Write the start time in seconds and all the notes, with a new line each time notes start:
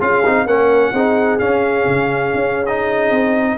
0.00 C#4 F4 G#4 F5
0.25 C4 D#4
0.45 A#3 C#4 A#4 F#5
0.92 C4 D#4 G#4
1.39 C#4 F5
1.86 C#3
2.34 C#4
2.66 D#4 D#5
3.10 C4